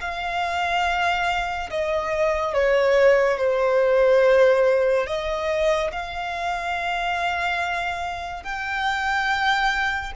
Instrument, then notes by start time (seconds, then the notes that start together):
violin
0.00 F5
1.70 D#5
2.54 C#5
3.37 C5
5.06 D#5
5.91 F5
8.43 G5